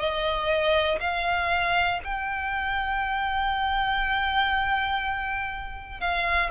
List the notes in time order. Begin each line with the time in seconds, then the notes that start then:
0.00 D#5
1.01 F5
2.05 G5
6.01 F5